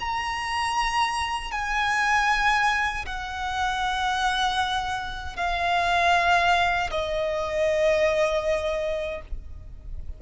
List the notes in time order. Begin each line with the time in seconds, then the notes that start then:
0.00 A#5
1.51 G#5
3.06 F#5
5.36 F5
6.91 D#5